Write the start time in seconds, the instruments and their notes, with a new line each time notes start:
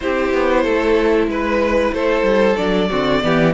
0.00 cello C4, viola E4, violin G4 C5
0.33 cello B3
0.62 cello A3, violin A4
1.26 cello G#3, violin B4
1.92 cello A3, violin A4 C5
2.22 cello G3
2.56 cello F#3, viola D4, violin D5
2.89 cello D3, viola C4, violin F#4
3.22 cello E3, viola B3, violin G4